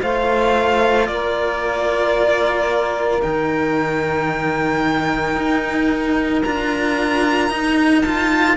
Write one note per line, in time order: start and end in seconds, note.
0.00 1.09 A3
0.00 3.21 F4
0.00 1.09 C5
0.00 1.07 F5
1.07 3.23 A#3
1.07 8.57 A#4
1.07 3.22 D5
3.22 5.36 D#3
3.22 6.43 D#4
3.22 6.43 G5
5.36 6.43 D#4
6.43 7.48 D4
6.43 7.51 F4
6.43 8.02 A#5
7.48 8.56 D#4
7.48 8.04 D#4
8.02 8.57 F4
8.02 8.56 A5